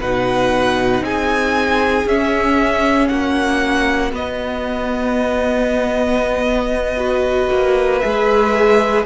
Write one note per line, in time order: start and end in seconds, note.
0.00 1.01 B2
0.00 2.08 D#4
0.00 1.03 B4
0.00 1.04 F#5
1.01 2.05 C4
1.01 3.11 G#4
1.01 2.08 G#5
2.05 3.09 C#4
2.05 4.11 C#4
2.05 3.08 E5
3.08 4.13 A#3
3.08 6.98 F#4
3.08 4.11 F#5
4.11 6.95 B3
4.11 7.49 B3
4.11 7.99 D#5
6.97 8.01 F#4
6.97 9.05 B4
7.50 8.02 A#3
7.99 9.06 G#3
7.99 9.05 G#4
7.99 9.02 E5